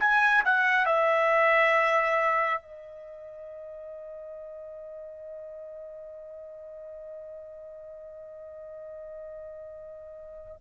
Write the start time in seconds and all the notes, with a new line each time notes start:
0.00 G#5
0.45 F#5
0.86 E5
2.62 D#5